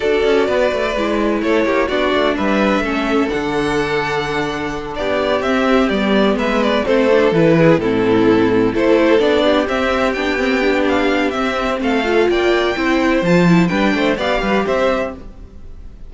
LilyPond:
<<
  \new Staff \with { instrumentName = "violin" } { \time 4/4 \tempo 4 = 127 d''2. cis''4 | d''4 e''2 fis''4~ | fis''2~ fis''8 d''4 e''8~ | e''8 d''4 e''8 d''8 c''4 b'8~ |
b'8 a'2 c''4 d''8~ | d''8 e''4 g''4. f''4 | e''4 f''4 g''2 | a''4 g''4 f''4 e''4 | }
  \new Staff \with { instrumentName = "violin" } { \time 4/4 a'4 b'2 a'8 g'8 | fis'4 b'4 a'2~ | a'2~ a'8 g'4.~ | g'4. b'4 a'4. |
gis'8 e'2 a'4. | g'1~ | g'4 a'4 d''4 c''4~ | c''4 b'8 c''8 d''8 b'8 c''4 | }
  \new Staff \with { instrumentName = "viola" } { \time 4/4 fis'2 e'2 | d'2 cis'4 d'4~ | d'2.~ d'8 c'8~ | c'8 b2 c'8 d'8 e'8~ |
e'8 c'2 e'4 d'8~ | d'8 c'4 d'8 c'8 d'4. | c'4. f'4. e'4 | f'8 e'8 d'4 g'2 | }
  \new Staff \with { instrumentName = "cello" } { \time 4/4 d'8 cis'8 b8 a8 gis4 a8 ais8 | b8 a8 g4 a4 d4~ | d2~ d8 b4 c'8~ | c'8 g4 gis4 a4 e8~ |
e8 a,2 a4 b8~ | b8 c'4 b2~ b8 | c'4 a4 ais4 c'4 | f4 g8 a8 b8 g8 c'4 | }
>>